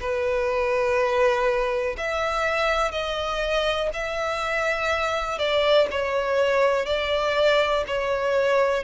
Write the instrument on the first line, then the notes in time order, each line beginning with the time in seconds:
violin
0.00 B4
1.98 E5
2.92 D#5
3.94 E5
5.39 D5
5.92 C#5
6.86 D5
7.87 C#5